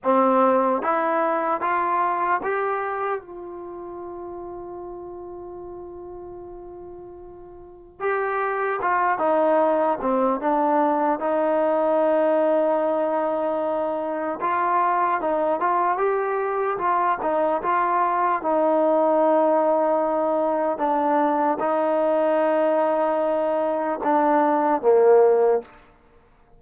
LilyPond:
\new Staff \with { instrumentName = "trombone" } { \time 4/4 \tempo 4 = 75 c'4 e'4 f'4 g'4 | f'1~ | f'2 g'4 f'8 dis'8~ | dis'8 c'8 d'4 dis'2~ |
dis'2 f'4 dis'8 f'8 | g'4 f'8 dis'8 f'4 dis'4~ | dis'2 d'4 dis'4~ | dis'2 d'4 ais4 | }